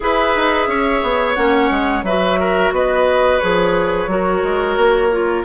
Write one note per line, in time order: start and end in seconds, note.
0.00 0.35 E4
0.00 1.35 G#4
0.00 0.69 B4
0.00 1.34 E5
0.35 0.67 D#4
0.67 1.01 C#4
0.67 2.05 C#5
1.02 1.36 B3
1.34 1.70 A#3
1.34 2.03 C#4
1.34 2.02 F#5
1.70 2.03 G#3
2.03 2.71 F#3
2.03 3.41 F#4
2.03 2.39 B4
2.03 2.72 E5
2.39 2.73 A#4
2.71 3.39 B3
2.71 4.10 B4
2.71 3.39 D#5
3.39 4.07 F3
3.39 4.09 G#4
3.39 5.43 C#5
4.07 4.41 F#3
4.07 5.11 F#4
4.07 5.45 A#4
4.43 4.76 G#3
4.76 5.44 A#3
5.11 5.45 F4